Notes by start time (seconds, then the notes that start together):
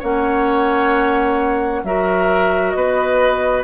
0.00 A#3 C#4 C#5 F#5
1.84 F#3 F#4 A#4 E5
2.71 B3 B4 D#5